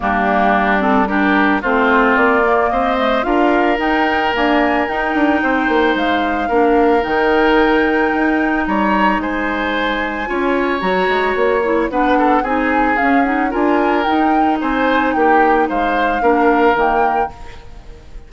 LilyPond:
<<
  \new Staff \with { instrumentName = "flute" } { \time 4/4 \tempo 4 = 111 g'4. a'8 ais'4 c''4 | d''4 dis''4 f''4 g''4 | gis''4 g''2 f''4~ | f''4 g''2. |
ais''4 gis''2. | ais''4 cis''4 fis''4 gis''4 | f''8 fis''8 gis''4 g''4 gis''4 | g''4 f''2 g''4 | }
  \new Staff \with { instrumentName = "oboe" } { \time 4/4 d'2 g'4 f'4~ | f'4 c''4 ais'2~ | ais'2 c''2 | ais'1 |
cis''4 c''2 cis''4~ | cis''2 b'8 a'8 gis'4~ | gis'4 ais'2 c''4 | g'4 c''4 ais'2 | }
  \new Staff \with { instrumentName = "clarinet" } { \time 4/4 ais4. c'8 d'4 c'4~ | c'8 ais4 a8 f'4 dis'4 | ais4 dis'2. | d'4 dis'2.~ |
dis'2. f'4 | fis'4. e'8 d'4 dis'4 | cis'8 dis'8 f'4 dis'2~ | dis'2 d'4 ais4 | }
  \new Staff \with { instrumentName = "bassoon" } { \time 4/4 g2. a4 | ais4 c'4 d'4 dis'4 | d'4 dis'8 d'8 c'8 ais8 gis4 | ais4 dis2 dis'4 |
g4 gis2 cis'4 | fis8 gis8 ais4 b4 c'4 | cis'4 d'4 dis'4 c'4 | ais4 gis4 ais4 dis4 | }
>>